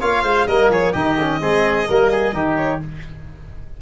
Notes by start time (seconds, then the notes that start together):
0.00 A#3 F4 C#5 F5
0.23 G#3 C5
0.47 G3 A#3 A#4 D#5
0.70 F3 G#4 C#5
0.93 D#3 D#4 G4 D#5
1.20 C#4
1.41 G#3 C4 G#4
1.89 G3 A#3 A#4
2.12 G#4
2.33 D#3 D#4 G4
2.57 C#5